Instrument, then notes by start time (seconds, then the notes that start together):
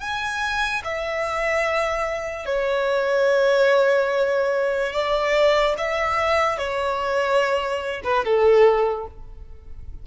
violin
0.00 G#5
0.84 E5
2.46 C#5
4.93 D5
5.78 E5
6.58 C#5
8.04 B4
8.25 A4